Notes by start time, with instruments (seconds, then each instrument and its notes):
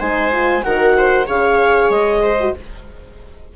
0.00 bassoon G#3, horn D#4, viola C5, clarinet G#5
0.32 horn F4
0.64 bassoon D#3, horn F#4, viola A#4, clarinet F#5
0.98 viola C5
1.27 bassoon C#3, horn G#4, viola C#5, clarinet F5
1.90 bassoon G#3, clarinet D#5
2.22 viola C5
2.41 horn F#4